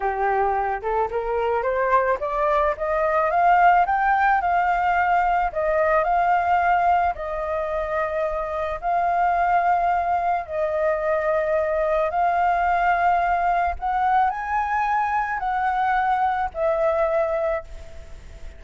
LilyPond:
\new Staff \with { instrumentName = "flute" } { \time 4/4 \tempo 4 = 109 g'4. a'8 ais'4 c''4 | d''4 dis''4 f''4 g''4 | f''2 dis''4 f''4~ | f''4 dis''2. |
f''2. dis''4~ | dis''2 f''2~ | f''4 fis''4 gis''2 | fis''2 e''2 | }